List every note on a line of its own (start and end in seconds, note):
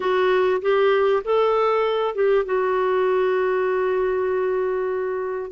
0.00 0.61 F#4
0.61 1.22 G4
1.24 2.14 A4
2.14 2.45 G4
2.45 5.51 F#4